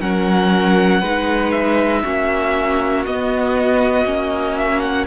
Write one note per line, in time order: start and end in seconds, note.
0.00 1.02 F#3
0.00 1.02 C#4
0.00 1.01 A#4
0.00 1.51 F#5
1.01 2.03 G#3
1.01 2.04 D#4
1.01 2.02 B4
1.51 3.04 E5
2.02 3.06 A#3
2.02 3.06 C#4
2.02 5.07 F#4
3.06 4.05 B3
3.06 4.58 D#5
4.05 5.07 A#3
4.05 5.07 C#4
4.58 4.80 E5
4.80 5.05 F#5